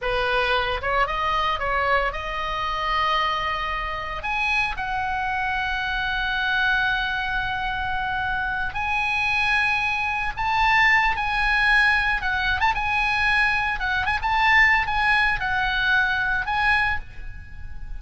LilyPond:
\new Staff \with { instrumentName = "oboe" } { \time 4/4 \tempo 4 = 113 b'4. cis''8 dis''4 cis''4 | dis''1 | gis''4 fis''2.~ | fis''1~ |
fis''8 gis''2. a''8~ | a''4 gis''2 fis''8. a''16 | gis''2 fis''8 gis''16 a''4~ a''16 | gis''4 fis''2 gis''4 | }